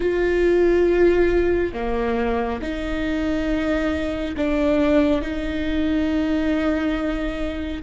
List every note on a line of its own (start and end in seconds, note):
0.00 1.73 F4
1.73 2.60 A#3
2.61 4.35 D#4
4.36 5.21 D4
5.21 7.82 D#4